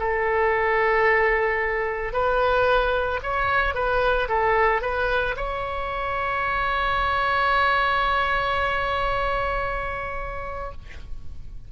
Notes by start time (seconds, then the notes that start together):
0.00 A4
2.13 B4
3.23 C#5
3.75 B4
4.29 A4
4.82 B4
5.37 C#5